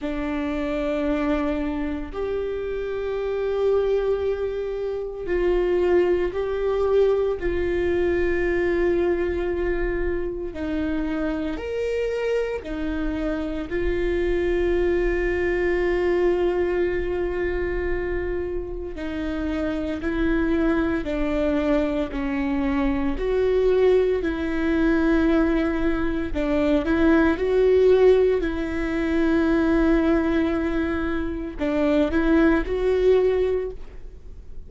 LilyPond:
\new Staff \with { instrumentName = "viola" } { \time 4/4 \tempo 4 = 57 d'2 g'2~ | g'4 f'4 g'4 f'4~ | f'2 dis'4 ais'4 | dis'4 f'2.~ |
f'2 dis'4 e'4 | d'4 cis'4 fis'4 e'4~ | e'4 d'8 e'8 fis'4 e'4~ | e'2 d'8 e'8 fis'4 | }